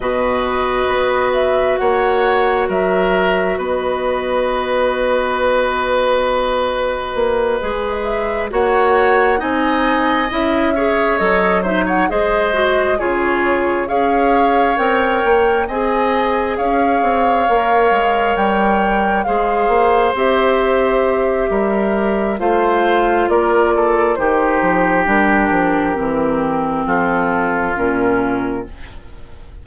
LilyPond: <<
  \new Staff \with { instrumentName = "flute" } { \time 4/4 \tempo 4 = 67 dis''4. e''8 fis''4 e''4 | dis''1~ | dis''4 e''8 fis''4 gis''4 e''8~ | e''8 dis''8 e''16 fis''16 dis''4 cis''4 f''8~ |
f''8 g''4 gis''4 f''4.~ | f''8 g''4 f''4 e''4.~ | e''4 f''4 d''4 c''4 | ais'2 a'4 ais'4 | }
  \new Staff \with { instrumentName = "oboe" } { \time 4/4 b'2 cis''4 ais'4 | b'1~ | b'4. cis''4 dis''4. | cis''4 c''16 cis''16 c''4 gis'4 cis''8~ |
cis''4. dis''4 cis''4.~ | cis''4. c''2~ c''8 | ais'4 c''4 ais'8 a'8 g'4~ | g'2 f'2 | }
  \new Staff \with { instrumentName = "clarinet" } { \time 4/4 fis'1~ | fis'1~ | fis'8 gis'4 fis'4 dis'4 e'8 | gis'8 a'8 dis'8 gis'8 fis'8 f'4 gis'8~ |
gis'8 ais'4 gis'2 ais'8~ | ais'4. gis'4 g'4.~ | g'4 f'2 dis'4 | d'4 c'2 cis'4 | }
  \new Staff \with { instrumentName = "bassoon" } { \time 4/4 b,4 b4 ais4 fis4 | b1 | ais8 gis4 ais4 c'4 cis'8~ | cis'8 fis4 gis4 cis4 cis'8~ |
cis'8 c'8 ais8 c'4 cis'8 c'8 ais8 | gis8 g4 gis8 ais8 c'4. | g4 a4 ais4 dis8 f8 | g8 f8 e4 f4 ais,4 | }
>>